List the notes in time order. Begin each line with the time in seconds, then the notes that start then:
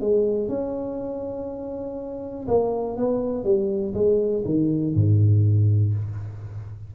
0.00 G#3
0.48 C#4
2.47 A#3
2.96 B3
3.43 G3
3.94 G#3
4.45 D#3
4.95 G#2